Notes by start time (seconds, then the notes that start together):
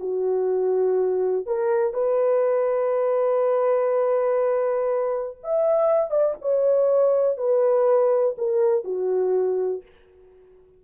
0.00 F#4
1.46 A#4
1.94 B4
5.44 E5
6.11 D5
6.42 C#5
7.38 B4
8.38 A#4
8.84 F#4